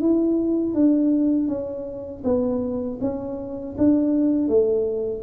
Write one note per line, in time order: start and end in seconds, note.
0.00 0.74 E4
0.74 1.48 D4
1.48 2.23 C#4
2.24 2.99 B3
3.01 3.76 C#4
3.77 4.48 D4
4.48 5.23 A3